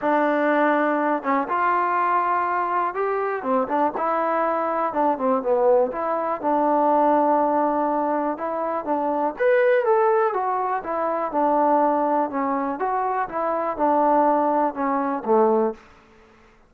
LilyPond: \new Staff \with { instrumentName = "trombone" } { \time 4/4 \tempo 4 = 122 d'2~ d'8 cis'8 f'4~ | f'2 g'4 c'8 d'8 | e'2 d'8 c'8 b4 | e'4 d'2.~ |
d'4 e'4 d'4 b'4 | a'4 fis'4 e'4 d'4~ | d'4 cis'4 fis'4 e'4 | d'2 cis'4 a4 | }